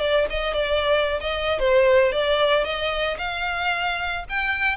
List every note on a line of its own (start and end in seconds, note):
0.00 0.27 D5
0.30 0.54 D#5
0.54 1.20 D5
1.21 1.59 D#5
1.59 2.12 C5
2.12 2.65 D5
2.65 3.18 D#5
3.18 4.25 F5
4.29 4.77 G5